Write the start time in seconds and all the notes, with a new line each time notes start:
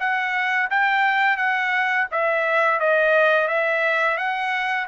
0.00 F#5
0.71 G5
1.37 F#5
2.12 E5
2.80 D#5
3.48 E5
4.18 F#5